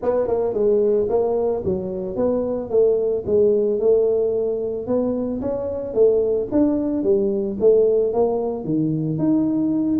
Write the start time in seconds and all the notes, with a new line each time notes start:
0.02 B3
0.27 A#3
0.53 G#3
1.09 A#3
1.65 F#3
2.15 B3
2.70 A3
3.26 G#3
3.79 A3
4.86 B3
5.41 C#4
5.93 A3
6.51 D4
7.03 G3
7.59 A3
8.13 A#3
8.64 D#3
9.18 D#4